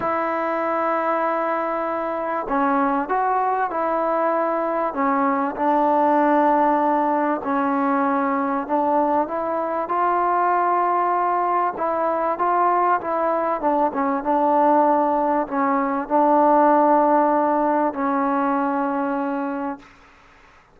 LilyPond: \new Staff \with { instrumentName = "trombone" } { \time 4/4 \tempo 4 = 97 e'1 | cis'4 fis'4 e'2 | cis'4 d'2. | cis'2 d'4 e'4 |
f'2. e'4 | f'4 e'4 d'8 cis'8 d'4~ | d'4 cis'4 d'2~ | d'4 cis'2. | }